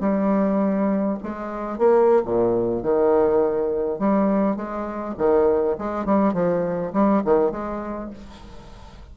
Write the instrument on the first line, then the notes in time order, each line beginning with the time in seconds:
bassoon
0.00 G3
1.23 G#3
1.78 A#3
2.25 A#2
2.82 D#3
3.99 G3
4.56 G#3
5.17 D#3
5.78 G#3
6.05 G3
6.33 F3
6.93 G3
7.25 D#3
7.51 G#3